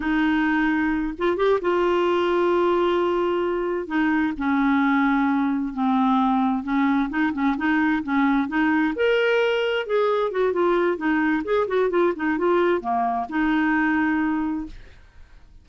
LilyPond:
\new Staff \with { instrumentName = "clarinet" } { \time 4/4 \tempo 4 = 131 dis'2~ dis'8 f'8 g'8 f'8~ | f'1~ | f'8 dis'4 cis'2~ cis'8~ | cis'8 c'2 cis'4 dis'8 |
cis'8 dis'4 cis'4 dis'4 ais'8~ | ais'4. gis'4 fis'8 f'4 | dis'4 gis'8 fis'8 f'8 dis'8 f'4 | ais4 dis'2. | }